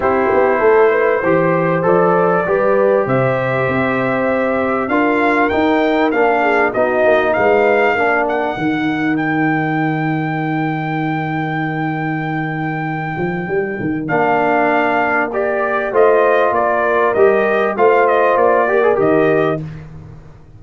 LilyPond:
<<
  \new Staff \with { instrumentName = "trumpet" } { \time 4/4 \tempo 4 = 98 c''2. d''4~ | d''4 e''2. | f''4 g''4 f''4 dis''4 | f''4. fis''4. g''4~ |
g''1~ | g''2. f''4~ | f''4 d''4 dis''4 d''4 | dis''4 f''8 dis''8 d''4 dis''4 | }
  \new Staff \with { instrumentName = "horn" } { \time 4/4 g'4 a'8 b'8 c''2 | b'4 c''2. | ais'2~ ais'8 gis'8 fis'4 | b'4 ais'2.~ |
ais'1~ | ais'1~ | ais'2 c''4 ais'4~ | ais'4 c''4. ais'4. | }
  \new Staff \with { instrumentName = "trombone" } { \time 4/4 e'2 g'4 a'4 | g'1 | f'4 dis'4 d'4 dis'4~ | dis'4 d'4 dis'2~ |
dis'1~ | dis'2. d'4~ | d'4 g'4 f'2 | g'4 f'4. g'16 gis'16 g'4 | }
  \new Staff \with { instrumentName = "tuba" } { \time 4/4 c'8 b8 a4 e4 f4 | g4 c4 c'2 | d'4 dis'4 ais4 b8 ais8 | gis4 ais4 dis2~ |
dis1~ | dis4. f8 g8 dis8 ais4~ | ais2 a4 ais4 | g4 a4 ais4 dis4 | }
>>